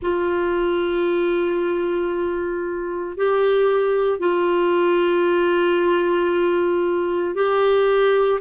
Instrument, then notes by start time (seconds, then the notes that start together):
clarinet
0.01 F4
3.16 G4
4.19 F4
7.34 G4